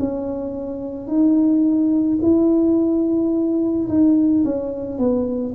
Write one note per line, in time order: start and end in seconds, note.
0.00 1.08 C#4
1.08 2.19 D#4
2.22 3.89 E4
3.89 4.44 D#4
4.45 4.98 C#4
4.98 5.54 B3